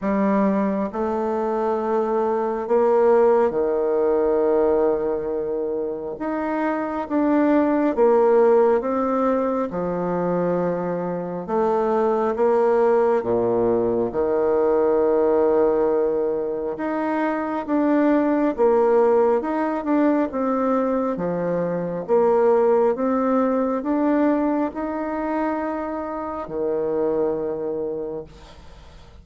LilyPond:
\new Staff \with { instrumentName = "bassoon" } { \time 4/4 \tempo 4 = 68 g4 a2 ais4 | dis2. dis'4 | d'4 ais4 c'4 f4~ | f4 a4 ais4 ais,4 |
dis2. dis'4 | d'4 ais4 dis'8 d'8 c'4 | f4 ais4 c'4 d'4 | dis'2 dis2 | }